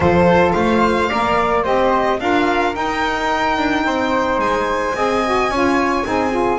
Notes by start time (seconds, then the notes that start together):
0.00 F3 F4 A4 C5
0.52 A3 C5 F5
1.08 A#3 A#4 D5
1.63 C4 G4 C5 D#5
2.19 D4 F4 A#4 F5
2.73 D#4 G5
3.57 D4
3.84 C4 C5
4.38 G#3 G#5
4.94 C4 G#4 D#5
5.24 F#4
5.49 C#4 F4 C#5
6.03 C4 D#4 G#4
6.31 F4